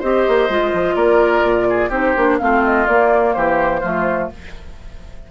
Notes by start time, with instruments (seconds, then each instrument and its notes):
0.00 bassoon C4, clarinet G4, oboe C5, flute D#5
0.29 bassoon A#3
0.50 bassoon G#3, clarinet F4
0.74 bassoon F3
0.96 bassoon A#3, oboe A#4, flute D5
1.43 bassoon A#2
1.70 oboe G#4
1.90 bassoon C4, clarinet D#4, oboe G4, flute C5
2.17 bassoon A#3, clarinet D4
2.39 bassoon A3, clarinet C4, oboe F4, flute F5
2.65 flute D#5
2.87 bassoon A#3, clarinet A#3, flute D5
3.34 bassoon E3, oboe G4, flute C5
3.81 bassoon F3, clarinet A3, oboe F4